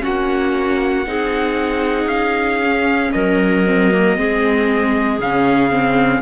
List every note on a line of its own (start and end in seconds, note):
0.00 1.06 A#3
0.00 1.03 C#4
0.00 1.05 F#4
0.00 2.08 F#5
1.06 2.06 C4
1.06 2.62 D#4
1.06 3.13 G#4
2.06 3.09 C#4
2.06 3.11 F5
2.62 3.66 C#4
3.11 4.17 F#3
3.11 4.17 A#4
3.11 5.18 D#5
3.66 3.91 C4
3.91 4.16 A#3
4.16 5.19 G#3
4.16 5.19 C4
4.16 6.21 G#4
5.19 6.21 C#3
5.19 5.70 C#4
5.19 6.21 F5
5.70 6.21 C4